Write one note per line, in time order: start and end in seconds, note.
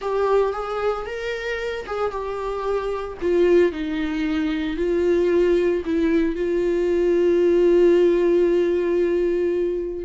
0.01 0.52 G4
0.52 1.05 G#4
1.06 1.85 A#4
1.86 2.11 G#4
2.11 3.17 G4
3.21 3.71 F4
3.71 4.76 D#4
4.76 5.83 F4
5.85 6.35 E4
6.35 10.05 F4